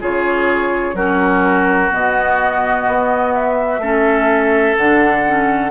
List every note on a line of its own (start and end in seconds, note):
0.00 0.94 C#3
0.00 0.95 F4
0.00 0.95 G#4
0.00 0.95 C#5
0.94 1.89 F#3
0.94 1.90 C#4
0.94 3.81 F#4
0.94 1.91 A#4
1.90 2.87 B2
1.90 3.80 B3
1.90 3.34 D#5
2.87 3.78 B3
3.34 4.76 E5
3.78 4.74 A3
3.78 4.77 C#4
3.78 5.71 A4
4.77 5.71 D3
4.77 5.25 D4
4.77 5.71 F#5
5.25 5.71 C#4